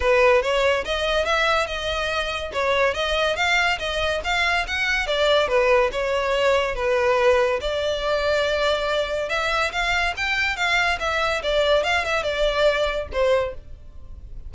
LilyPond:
\new Staff \with { instrumentName = "violin" } { \time 4/4 \tempo 4 = 142 b'4 cis''4 dis''4 e''4 | dis''2 cis''4 dis''4 | f''4 dis''4 f''4 fis''4 | d''4 b'4 cis''2 |
b'2 d''2~ | d''2 e''4 f''4 | g''4 f''4 e''4 d''4 | f''8 e''8 d''2 c''4 | }